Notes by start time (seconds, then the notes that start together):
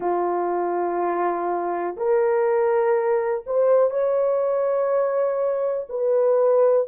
0.00 F4
1.97 A#4
3.46 C5
3.90 C#5
5.89 B4